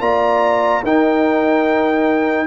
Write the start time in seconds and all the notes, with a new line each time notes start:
0.00 A#3 F4 D5 A#5
0.83 D#4 A#4 G5